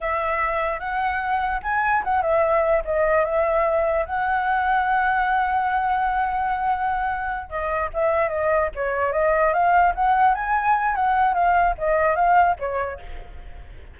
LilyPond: \new Staff \with { instrumentName = "flute" } { \time 4/4 \tempo 4 = 148 e''2 fis''2 | gis''4 fis''8 e''4. dis''4 | e''2 fis''2~ | fis''1~ |
fis''2~ fis''8 dis''4 e''8~ | e''8 dis''4 cis''4 dis''4 f''8~ | f''8 fis''4 gis''4. fis''4 | f''4 dis''4 f''4 cis''4 | }